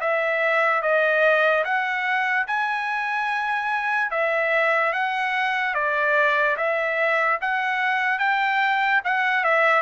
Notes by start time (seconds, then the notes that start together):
0.00 E5
0.81 D#5
1.64 F#5
2.47 G#5
4.11 E5
4.92 F#5
5.74 D5
6.56 E5
7.40 F#5
8.19 G5
9.04 F#5
9.44 E5